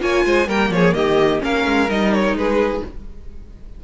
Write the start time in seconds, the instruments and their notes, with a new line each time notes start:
0.00 cello A#3, viola F4, violin C#5 G#5
0.26 cello G#3, violin C5
0.48 cello G3, viola A#3, violin A#4 G5
0.70 cello F3, violin G#4 C#5
0.94 cello D#3, violin G4 D#5
1.40 cello A#3, viola C#4, violin A#4 F5
1.66 cello G#3
1.90 cello G3, viola D#4, violin D#5
2.14 violin C#5
2.34 cello G#3, violin G#4 B4